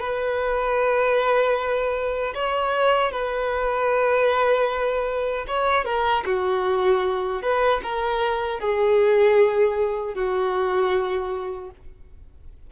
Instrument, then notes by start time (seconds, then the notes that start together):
violin
0.00 B4
2.35 C#5
3.12 B4
5.48 C#5
5.85 A#4
6.26 F#4
7.42 B4
7.83 A#4
8.60 G#4
10.15 F#4